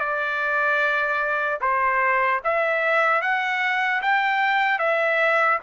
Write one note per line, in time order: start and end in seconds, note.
0.00 1.60 D5
1.61 2.41 C5
2.44 3.22 E5
3.22 4.02 F#5
4.02 4.79 G5
4.79 5.59 E5